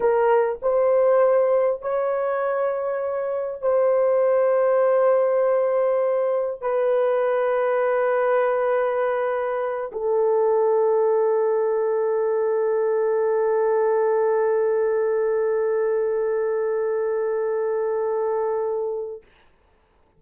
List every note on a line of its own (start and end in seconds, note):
0.00 0.59 A#4
0.61 1.81 C5
1.81 3.61 C#5
3.61 6.61 C5
6.61 9.91 B4
9.92 19.22 A4